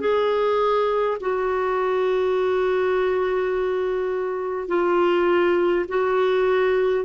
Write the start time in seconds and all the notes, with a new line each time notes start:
0.00 G#4
1.21 F#4
4.68 F4
5.89 F#4